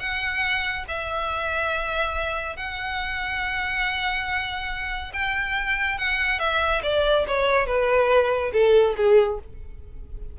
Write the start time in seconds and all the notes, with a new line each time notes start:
0.00 F#5
0.89 E5
2.57 F#5
5.14 G5
5.98 F#5
6.39 E5
6.83 D5
7.28 C#5
7.67 B4
8.53 A4
8.97 G#4